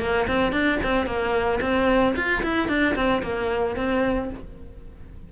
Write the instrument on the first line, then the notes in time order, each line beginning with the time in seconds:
cello
0.00 A#3
0.28 C4
0.52 D4
0.83 C4
1.06 A#3
1.61 C4
2.16 F4
2.43 E4
2.68 D4
2.96 C4
3.23 A#3
3.76 C4